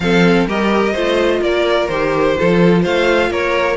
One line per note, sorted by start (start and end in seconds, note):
0.00 0.45 F3
0.00 0.47 C4
0.00 0.47 A4
0.00 0.47 F5
0.47 0.94 G3
0.47 0.95 G4
0.47 0.92 A#4
0.47 1.43 D#5
0.92 1.41 A3
0.92 1.90 F4
0.92 1.39 C5
1.41 1.88 A#3
1.41 2.37 A#4
1.41 1.88 D5
1.88 2.36 D#3
1.88 2.36 G4
1.88 2.82 C5
2.36 2.85 F3
2.36 3.76 F4
2.36 2.82 A4
2.82 3.29 A3
2.82 3.29 C5
2.82 3.31 F5
3.29 3.76 A#3
3.29 3.76 A#4
3.29 3.76 C#5